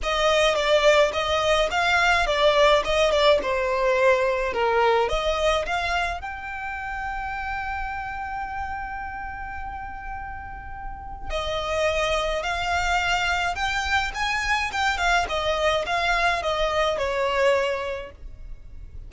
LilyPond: \new Staff \with { instrumentName = "violin" } { \time 4/4 \tempo 4 = 106 dis''4 d''4 dis''4 f''4 | d''4 dis''8 d''8 c''2 | ais'4 dis''4 f''4 g''4~ | g''1~ |
g''1 | dis''2 f''2 | g''4 gis''4 g''8 f''8 dis''4 | f''4 dis''4 cis''2 | }